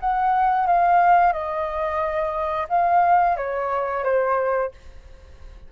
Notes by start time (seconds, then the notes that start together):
0.00 F#5
0.66 F5
1.32 D#5
2.69 F5
3.36 C#5
4.04 C5